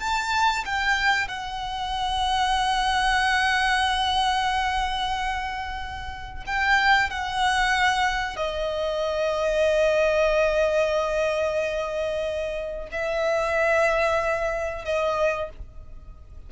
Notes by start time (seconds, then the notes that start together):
0.00 A5
0.65 G5
1.28 F#5
6.47 G5
7.10 F#5
8.37 D#5
12.92 E5
14.85 D#5